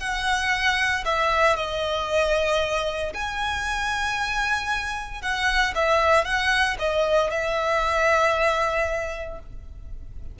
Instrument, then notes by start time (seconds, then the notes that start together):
violin
0.00 F#5
1.05 E5
1.57 D#5
3.14 G#5
5.22 F#5
5.75 E5
6.25 F#5
6.79 D#5
7.31 E5